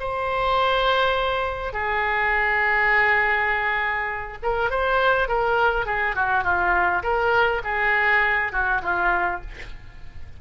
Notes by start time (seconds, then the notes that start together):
0.00 C5
1.73 G#4
4.43 A#4
4.71 C5
5.28 A#4
5.86 G#4
6.16 F#4
6.44 F4
7.03 A#4
7.64 G#4
8.52 F#4
8.82 F4